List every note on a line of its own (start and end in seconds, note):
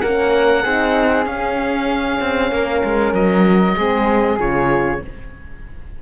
0.00 0.65 A#3
0.00 0.64 C#4
0.00 0.63 A#4
0.00 1.25 F#5
0.63 1.25 C4
0.63 1.26 D#4
0.63 2.50 G#4
1.25 2.19 C#4
1.25 3.77 C#4
1.25 3.13 F5
2.20 2.51 C4
2.51 2.82 A#3
2.51 3.76 A#4
2.84 3.12 G#3
3.12 3.75 F#3
3.12 4.39 D#5
3.76 4.38 G#3
3.76 4.38 C4
3.76 5.01 G#4
4.38 5.01 C#3
4.38 5.01 F4
4.38 5.02 C#5